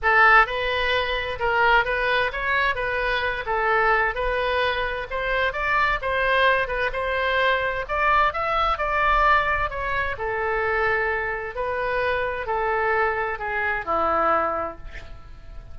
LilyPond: \new Staff \with { instrumentName = "oboe" } { \time 4/4 \tempo 4 = 130 a'4 b'2 ais'4 | b'4 cis''4 b'4. a'8~ | a'4 b'2 c''4 | d''4 c''4. b'8 c''4~ |
c''4 d''4 e''4 d''4~ | d''4 cis''4 a'2~ | a'4 b'2 a'4~ | a'4 gis'4 e'2 | }